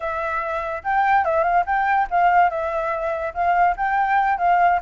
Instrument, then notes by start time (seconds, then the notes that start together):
flute
0.00 E5
0.83 G5
1.24 E5
1.43 F5
1.66 G5
2.10 F5
2.50 E5
3.34 F5
3.77 G5
4.38 F5